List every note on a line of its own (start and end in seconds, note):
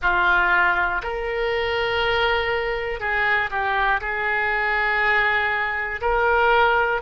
0.01 1.01 F4
1.02 3.00 A#4
3.00 3.50 G#4
3.50 4.00 G4
4.00 6.00 G#4
6.01 7.01 A#4